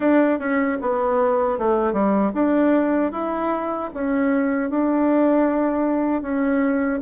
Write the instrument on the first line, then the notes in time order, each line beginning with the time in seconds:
bassoon
0.00 D4
0.39 C#4
0.81 B3
1.58 A3
1.92 G3
2.34 D4
3.12 E4
3.94 C#4
4.70 D4
6.22 C#4